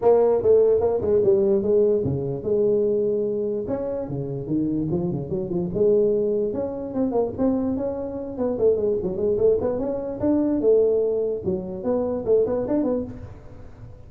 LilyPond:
\new Staff \with { instrumentName = "tuba" } { \time 4/4 \tempo 4 = 147 ais4 a4 ais8 gis8 g4 | gis4 cis4 gis2~ | gis4 cis'4 cis4 dis4 | f8 cis8 fis8 f8 gis2 |
cis'4 c'8 ais8 c'4 cis'4~ | cis'8 b8 a8 gis8 fis8 gis8 a8 b8 | cis'4 d'4 a2 | fis4 b4 a8 b8 d'8 b8 | }